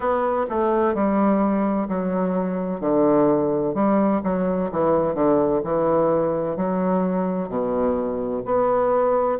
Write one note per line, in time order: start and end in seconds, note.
0.00 0.46 B3
0.49 0.94 A3
0.94 1.87 G3
1.88 2.80 F#3
2.80 3.74 D3
3.74 4.21 G3
4.23 4.70 F#3
4.71 5.14 E3
5.14 5.61 D3
5.63 6.56 E3
6.56 7.48 F#3
7.48 8.42 B2
8.45 9.38 B3